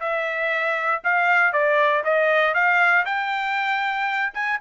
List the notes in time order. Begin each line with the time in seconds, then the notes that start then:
0.00 E5
1.04 F5
1.53 D5
2.04 D#5
2.54 F5
3.05 G5
4.34 G#5